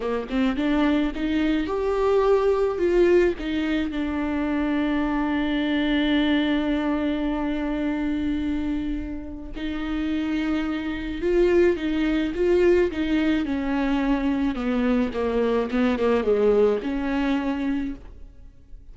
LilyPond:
\new Staff \with { instrumentName = "viola" } { \time 4/4 \tempo 4 = 107 ais8 c'8 d'4 dis'4 g'4~ | g'4 f'4 dis'4 d'4~ | d'1~ | d'1~ |
d'4 dis'2. | f'4 dis'4 f'4 dis'4 | cis'2 b4 ais4 | b8 ais8 gis4 cis'2 | }